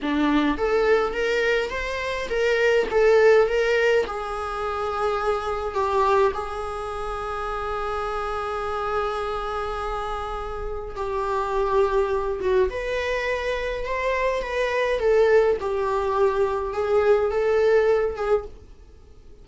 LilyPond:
\new Staff \with { instrumentName = "viola" } { \time 4/4 \tempo 4 = 104 d'4 a'4 ais'4 c''4 | ais'4 a'4 ais'4 gis'4~ | gis'2 g'4 gis'4~ | gis'1~ |
gis'2. g'4~ | g'4. fis'8 b'2 | c''4 b'4 a'4 g'4~ | g'4 gis'4 a'4. gis'8 | }